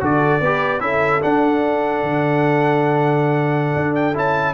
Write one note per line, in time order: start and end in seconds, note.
0.00 0.40 D3
0.00 0.41 F#4
0.00 0.42 A4
0.00 0.81 D5
0.40 0.81 B3
0.40 0.80 G4
0.40 0.82 B4
0.80 1.21 C#4
0.80 1.21 E4
0.80 4.54 A4
0.80 1.21 E5
1.21 4.14 D4
1.21 2.03 D4
1.21 3.95 F#5
2.03 3.75 D3
3.76 4.16 D4
3.95 4.16 G5
4.14 4.54 C#4
4.14 4.54 E4
4.14 4.54 A5